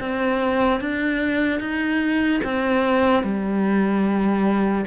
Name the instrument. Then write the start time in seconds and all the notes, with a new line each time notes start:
cello
0.00 C4
0.80 D4
1.60 D#4
2.44 C4
3.23 G3